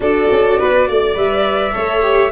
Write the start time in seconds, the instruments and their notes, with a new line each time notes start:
0.00 tuba D4, viola F#4, violin A4, flute D5
0.31 tuba C#4
0.59 tuba B3, violin B4
0.88 tuba A3, violin D5
1.14 tuba G3, viola B4, flute E5
1.73 tuba A3, viola A4, violin C#5
2.02 viola G4